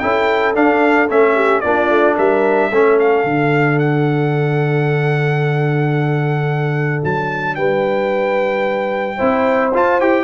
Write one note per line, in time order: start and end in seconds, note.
0.00 0.56 C#4
0.00 0.55 E4
0.00 1.35 A4
0.00 0.54 G5
0.55 1.09 D4
0.55 1.10 D4
0.55 1.10 F5
1.09 1.64 A3
1.09 1.64 C#4
1.09 1.61 E5
1.35 1.62 G4
1.61 1.90 A#3
1.61 2.72 D4
1.61 2.16 F4
1.61 2.15 D5
1.90 2.17 A3
2.16 2.71 G3
2.16 2.70 A#4
2.16 2.99 E5
2.71 3.24 A3
2.71 3.27 C#4
2.71 7.57 A4
3.00 3.79 F5
3.24 7.03 D3
3.24 9.19 D4
3.79 7.03 F#5
7.04 7.57 F#3
7.04 7.56 A5
7.56 9.19 G3
7.56 9.17 B4
7.56 9.72 G5
9.17 9.75 C4
9.17 9.73 E4
9.17 10.24 C5
9.74 10.01 F4
9.74 10.00 F4
9.74 10.01 A5
10.00 10.24 E4
10.00 10.24 G4
10.00 10.24 G5